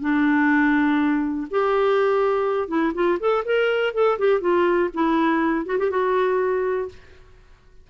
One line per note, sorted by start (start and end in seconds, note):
0.00 1.48 D4
1.51 2.68 G4
2.68 2.93 E4
2.94 3.19 F4
3.20 3.44 A4
3.45 3.94 A#4
3.94 4.18 A4
4.19 4.41 G4
4.41 4.90 F4
4.94 5.66 E4
5.66 5.78 F#4
5.79 5.90 G4
5.90 6.89 F#4